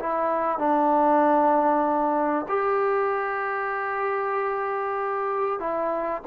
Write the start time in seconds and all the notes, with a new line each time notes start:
0.00 E4
0.59 D4
2.49 G4
5.60 E4